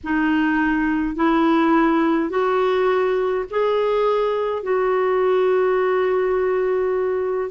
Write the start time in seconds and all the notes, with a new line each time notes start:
0.03 D#4
1.15 E4
2.29 F#4
3.50 G#4
4.63 F#4